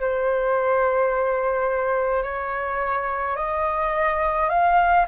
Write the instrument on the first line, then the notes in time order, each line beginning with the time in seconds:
flute
0.00 C5
2.22 C#5
3.36 D#5
4.49 F5